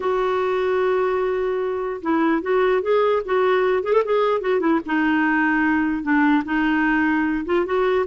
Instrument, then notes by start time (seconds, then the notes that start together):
clarinet
0.00 F#4
2.02 E4
2.42 F#4
2.82 G#4
3.25 F#4
3.83 G#4
3.92 A4
4.05 G#4
4.41 F#4
4.60 E4
4.86 D#4
6.02 D4
6.44 D#4
7.45 F4
7.65 F#4